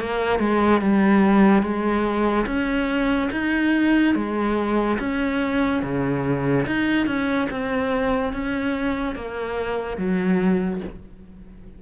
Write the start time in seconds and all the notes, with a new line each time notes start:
0.00 A#3
0.39 G#3
0.81 G3
1.62 G#3
2.46 C#4
3.31 D#4
4.15 G#3
4.99 C#4
5.82 C#3
6.66 D#4
7.06 C#4
7.50 C4
8.33 C#4
9.15 A#3
9.97 F#3